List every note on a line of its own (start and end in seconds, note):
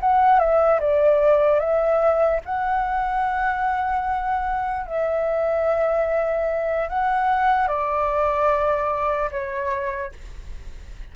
0.00 0.39 F#5
0.39 0.80 E5
0.80 1.59 D5
1.59 2.40 E5
2.45 4.86 F#5
4.86 6.89 E5
6.89 7.67 F#5
7.67 9.29 D5
9.31 10.12 C#5